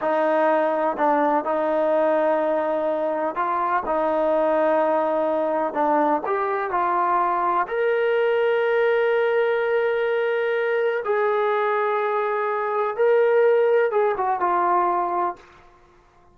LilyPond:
\new Staff \with { instrumentName = "trombone" } { \time 4/4 \tempo 4 = 125 dis'2 d'4 dis'4~ | dis'2. f'4 | dis'1 | d'4 g'4 f'2 |
ais'1~ | ais'2. gis'4~ | gis'2. ais'4~ | ais'4 gis'8 fis'8 f'2 | }